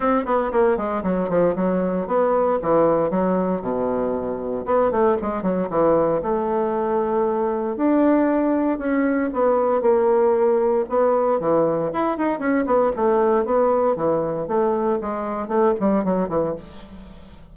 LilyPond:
\new Staff \with { instrumentName = "bassoon" } { \time 4/4 \tempo 4 = 116 cis'8 b8 ais8 gis8 fis8 f8 fis4 | b4 e4 fis4 b,4~ | b,4 b8 a8 gis8 fis8 e4 | a2. d'4~ |
d'4 cis'4 b4 ais4~ | ais4 b4 e4 e'8 dis'8 | cis'8 b8 a4 b4 e4 | a4 gis4 a8 g8 fis8 e8 | }